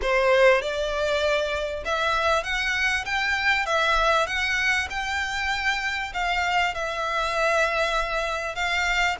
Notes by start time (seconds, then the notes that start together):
0.02 C5
0.61 D5
1.85 E5
2.43 F#5
3.05 G5
3.66 E5
4.26 F#5
4.90 G5
6.13 F5
6.74 E5
8.55 F5